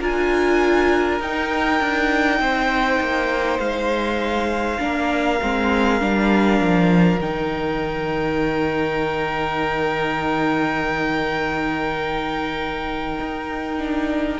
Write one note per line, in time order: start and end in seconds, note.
0.00 1.20 D4
0.00 1.20 F4
0.00 2.40 A#4
0.00 1.22 G#5
1.20 1.80 D#4
1.20 4.79 D#4
1.20 3.59 G5
1.80 2.40 D4
2.40 3.00 C4
2.40 4.80 C5
3.00 3.59 A#3
3.59 4.79 G#3
3.59 7.19 F5
4.79 5.40 A#3
4.79 5.39 D4
4.79 14.39 A#4
5.42 6.01 G#3
5.42 6.00 C4
6.00 6.60 G3
6.00 7.20 D4
6.60 7.19 F3
7.19 13.19 D#3
7.19 13.78 D#4
7.19 14.39 G5
13.20 14.39 D#4
13.78 14.38 D4